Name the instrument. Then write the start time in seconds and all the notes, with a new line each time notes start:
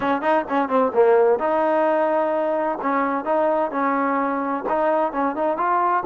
trombone
0.00 C#4
0.21 D#4
0.48 C#4
0.68 C4
0.93 A#3
1.39 D#4
2.81 C#4
3.24 D#4
3.71 C#4
4.68 D#4
5.12 C#4
5.35 D#4
5.57 F4